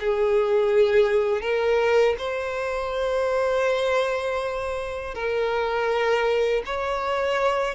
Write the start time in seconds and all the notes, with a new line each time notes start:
0.00 G#4
1.41 A#4
2.18 C5
5.14 A#4
6.66 C#5